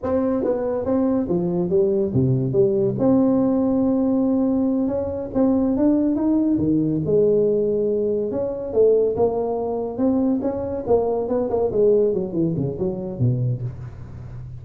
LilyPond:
\new Staff \with { instrumentName = "tuba" } { \time 4/4 \tempo 4 = 141 c'4 b4 c'4 f4 | g4 c4 g4 c'4~ | c'2.~ c'8 cis'8~ | cis'8 c'4 d'4 dis'4 dis8~ |
dis8 gis2. cis'8~ | cis'8 a4 ais2 c'8~ | c'8 cis'4 ais4 b8 ais8 gis8~ | gis8 fis8 e8 cis8 fis4 b,4 | }